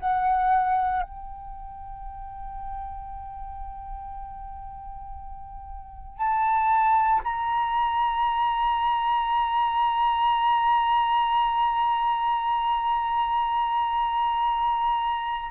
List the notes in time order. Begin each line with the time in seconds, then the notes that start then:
0.00 F#5
1.02 G5
6.17 A5
7.24 A#5